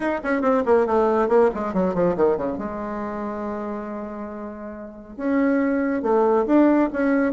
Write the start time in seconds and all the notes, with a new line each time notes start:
0.00 D#4
0.23 C#4
0.41 C4
0.65 A#3
0.86 A3
1.28 A#3
1.54 G#3
1.73 F#3
1.94 F3
2.16 D#3
2.37 C#3
2.58 G#3
5.16 C#4
6.02 A3
6.46 D4
6.93 C#4